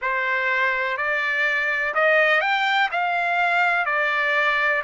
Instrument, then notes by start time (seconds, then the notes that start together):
trumpet
0.01 C5
0.97 D5
1.94 D#5
2.41 G5
2.91 F5
3.85 D5